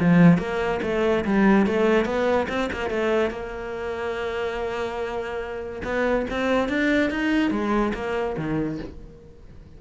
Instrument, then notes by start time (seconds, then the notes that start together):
cello
0.00 F3
0.39 A#3
0.83 A3
1.25 G3
1.67 A3
2.06 B3
2.49 C4
2.73 A#3
2.90 A3
3.31 A#3
5.85 B3
6.31 C4
6.69 D4
7.11 D#4
7.51 G#3
7.95 A#3
8.38 D#3